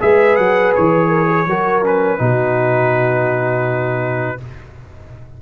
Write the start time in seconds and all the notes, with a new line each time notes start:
0.00 G#3 G#4 B4 E5
0.36 F#3 F#5
0.76 E3 C#5
1.09 A#4
1.28 G#4
1.47 F#3 F#4 A#4
1.83 C#4 B4
2.18 B2 D#4 F#4